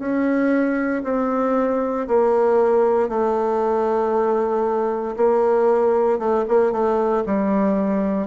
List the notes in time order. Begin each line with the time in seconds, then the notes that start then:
0.00 C#4
1.04 C4
2.08 A#3
3.09 A3
5.17 A#3
6.19 A3
6.48 A#3
6.72 A3
7.26 G3